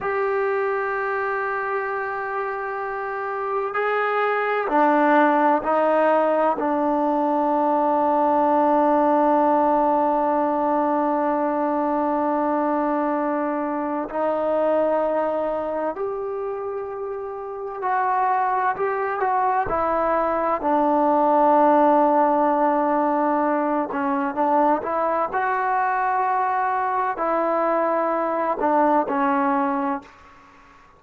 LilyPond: \new Staff \with { instrumentName = "trombone" } { \time 4/4 \tempo 4 = 64 g'1 | gis'4 d'4 dis'4 d'4~ | d'1~ | d'2. dis'4~ |
dis'4 g'2 fis'4 | g'8 fis'8 e'4 d'2~ | d'4. cis'8 d'8 e'8 fis'4~ | fis'4 e'4. d'8 cis'4 | }